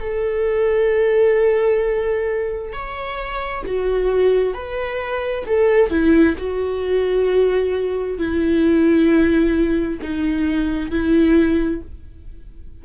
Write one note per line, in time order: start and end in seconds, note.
0.00 2.73 A4
2.73 3.64 C#5
3.66 4.54 F#4
4.54 5.45 B4
5.46 5.90 A4
5.90 6.36 E4
6.38 8.18 F#4
8.18 10.00 E4
10.02 10.91 D#4
10.91 11.82 E4